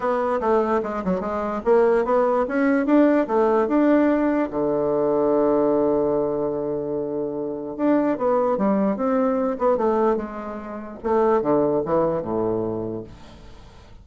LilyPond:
\new Staff \with { instrumentName = "bassoon" } { \time 4/4 \tempo 4 = 147 b4 a4 gis8 fis8 gis4 | ais4 b4 cis'4 d'4 | a4 d'2 d4~ | d1~ |
d2. d'4 | b4 g4 c'4. b8 | a4 gis2 a4 | d4 e4 a,2 | }